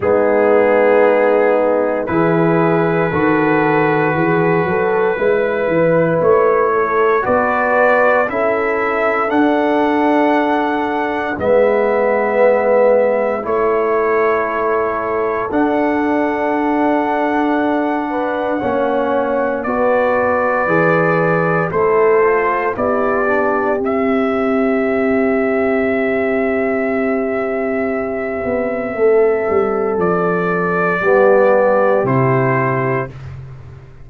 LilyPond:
<<
  \new Staff \with { instrumentName = "trumpet" } { \time 4/4 \tempo 4 = 58 gis'2 b'2~ | b'2 cis''4 d''4 | e''4 fis''2 e''4~ | e''4 cis''2 fis''4~ |
fis''2. d''4~ | d''4 c''4 d''4 e''4~ | e''1~ | e''4 d''2 c''4 | }
  \new Staff \with { instrumentName = "horn" } { \time 4/4 dis'2 gis'4 a'4 | gis'8 a'8 b'4. a'8 b'4 | a'2. b'4~ | b'4 a'2.~ |
a'4. b'8 cis''4 b'4~ | b'4 a'4 g'2~ | g'1 | a'2 g'2 | }
  \new Staff \with { instrumentName = "trombone" } { \time 4/4 b2 e'4 fis'4~ | fis'4 e'2 fis'4 | e'4 d'2 b4~ | b4 e'2 d'4~ |
d'2 cis'4 fis'4 | gis'4 e'8 f'8 e'8 d'8 c'4~ | c'1~ | c'2 b4 e'4 | }
  \new Staff \with { instrumentName = "tuba" } { \time 4/4 gis2 e4 dis4 | e8 fis8 gis8 e8 a4 b4 | cis'4 d'2 gis4~ | gis4 a2 d'4~ |
d'2 ais4 b4 | e4 a4 b4 c'4~ | c'2.~ c'8 b8 | a8 g8 f4 g4 c4 | }
>>